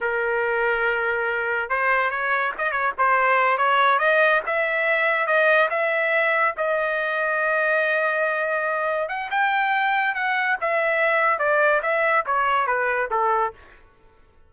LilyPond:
\new Staff \with { instrumentName = "trumpet" } { \time 4/4 \tempo 4 = 142 ais'1 | c''4 cis''4 dis''8 cis''8 c''4~ | c''8 cis''4 dis''4 e''4.~ | e''8 dis''4 e''2 dis''8~ |
dis''1~ | dis''4. fis''8 g''2 | fis''4 e''2 d''4 | e''4 cis''4 b'4 a'4 | }